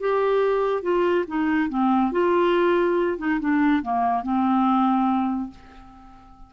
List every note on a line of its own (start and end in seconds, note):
0.00 0.82 G4
0.82 1.25 F4
1.27 1.69 D#4
1.69 2.12 C4
2.12 3.18 F4
3.18 3.39 D#4
3.40 3.82 D4
3.82 4.23 A#3
4.23 5.50 C4